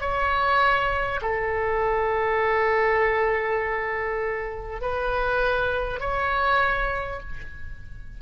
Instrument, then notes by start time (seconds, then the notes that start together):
oboe
0.00 C#5
1.21 A4
4.81 B4
6.00 C#5